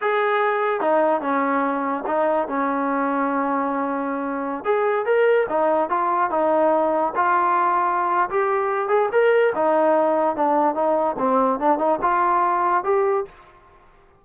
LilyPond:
\new Staff \with { instrumentName = "trombone" } { \time 4/4 \tempo 4 = 145 gis'2 dis'4 cis'4~ | cis'4 dis'4 cis'2~ | cis'2.~ cis'16 gis'8.~ | gis'16 ais'4 dis'4 f'4 dis'8.~ |
dis'4~ dis'16 f'2~ f'8. | g'4. gis'8 ais'4 dis'4~ | dis'4 d'4 dis'4 c'4 | d'8 dis'8 f'2 g'4 | }